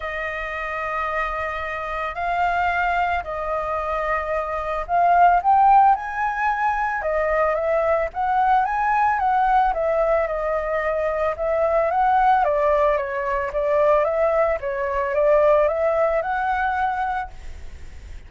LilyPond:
\new Staff \with { instrumentName = "flute" } { \time 4/4 \tempo 4 = 111 dis''1 | f''2 dis''2~ | dis''4 f''4 g''4 gis''4~ | gis''4 dis''4 e''4 fis''4 |
gis''4 fis''4 e''4 dis''4~ | dis''4 e''4 fis''4 d''4 | cis''4 d''4 e''4 cis''4 | d''4 e''4 fis''2 | }